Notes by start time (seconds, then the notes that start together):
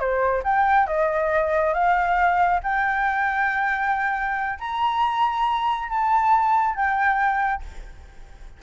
0.00 C5
0.44 G5
0.87 D#5
1.74 F5
2.64 G5
4.60 A#5
5.89 A5
6.76 G5